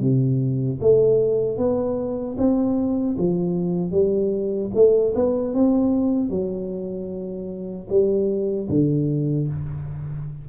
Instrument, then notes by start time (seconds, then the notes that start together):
tuba
0.00 C3
0.80 A3
1.57 B3
2.38 C4
3.18 F3
3.91 G3
4.74 A3
5.15 B3
5.54 C4
6.29 F#3
7.89 G3
8.68 D3